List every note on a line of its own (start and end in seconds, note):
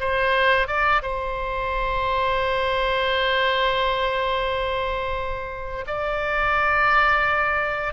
0.00 0.68 C5
0.68 1.02 D5
1.03 5.85 C5
5.87 7.93 D5